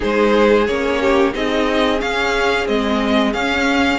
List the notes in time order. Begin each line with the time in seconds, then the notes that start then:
0.00 G#3 D#4 G#4 C5
0.66 A#3 C#4 C#5
1.00 G4
1.32 C4 D#4 G#4 D#5
1.98 C#4 F5
2.65 G#3 C4 D#5
3.33 C#4 F5